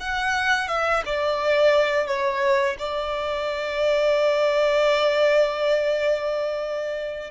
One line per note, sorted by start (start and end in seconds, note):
0.00 0.68 F#5
0.68 1.03 E5
1.06 2.07 D5
2.07 2.77 C#5
2.79 7.31 D5